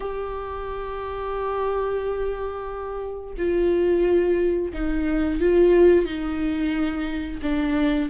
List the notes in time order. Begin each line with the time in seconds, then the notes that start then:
0.00 G4
3.37 F4
4.73 D#4
5.40 F4
6.05 D#4
7.42 D4